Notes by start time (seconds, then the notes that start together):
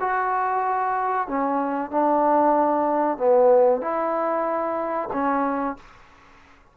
0.00 F#4
1.28 C#4
1.91 D4
3.17 B3
3.81 E4
5.13 C#4